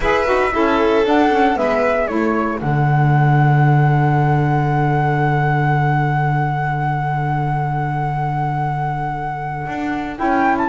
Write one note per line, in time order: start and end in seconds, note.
0.00 0.26 E4
0.00 0.25 G#4
0.00 0.53 B4
0.00 1.06 E5
0.25 0.53 D#4
0.25 0.51 F#4
0.52 1.05 C#4
0.52 1.04 E4
0.52 1.58 A4
1.04 1.30 D4
1.04 1.57 D4
1.04 1.57 F#5
1.31 1.56 C#4
1.56 2.09 G#3
1.56 2.08 B3
1.56 2.07 B4
1.56 2.07 E5
2.07 2.61 A3
2.07 2.59 E4
2.07 10.68 A4
2.07 2.59 C#5
2.59 9.66 D3
2.59 10.16 D4
2.59 10.16 F#5
9.67 10.19 D4
10.16 10.69 C#4
10.16 10.68 E4
10.16 10.56 G5
10.57 10.69 A5